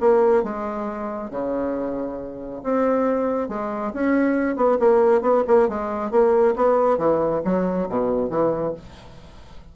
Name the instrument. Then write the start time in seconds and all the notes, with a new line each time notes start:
bassoon
0.00 A#3
0.43 G#3
1.30 C#3
2.63 C4
3.48 G#3
3.93 C#4
4.56 B3
4.79 A#3
5.21 B3
5.47 A#3
5.68 G#3
6.11 A#3
6.55 B3
6.98 E3
7.44 F#3
7.89 B2
8.29 E3